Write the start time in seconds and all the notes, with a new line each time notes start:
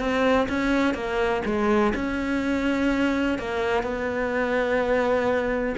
0.00 C4
0.49 C#4
0.95 A#3
1.46 G#3
1.95 C#4
3.39 A#3
3.84 B3